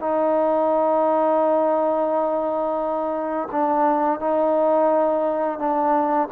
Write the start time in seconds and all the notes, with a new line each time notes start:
0.00 D#4
3.52 D4
4.20 D#4
5.59 D4